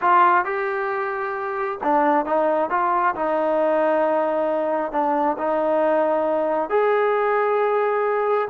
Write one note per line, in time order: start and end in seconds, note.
0.01 0.44 F4
0.44 1.78 G4
1.83 2.25 D4
2.25 2.70 D#4
2.70 3.14 F4
3.15 4.92 D#4
4.92 5.36 D4
5.38 6.69 D#4
6.69 8.48 G#4